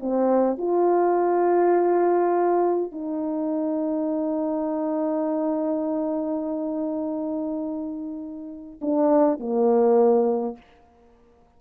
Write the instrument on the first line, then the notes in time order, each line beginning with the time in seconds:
horn
0.00 C4
0.58 F4
2.92 D#4
8.81 D4
9.39 A#3